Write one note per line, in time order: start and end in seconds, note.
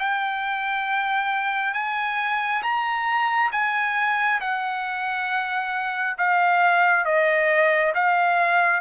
0.00 1.74 G5
1.74 2.63 G#5
2.63 3.51 A#5
3.52 4.40 G#5
4.41 6.18 F#5
6.18 7.05 F5
7.05 7.93 D#5
7.95 8.81 F5